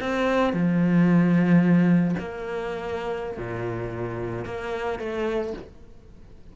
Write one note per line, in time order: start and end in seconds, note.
0.00 0.53 C4
0.53 2.15 F3
2.19 3.37 A#3
3.37 4.45 A#2
4.45 4.99 A#3
4.99 5.53 A3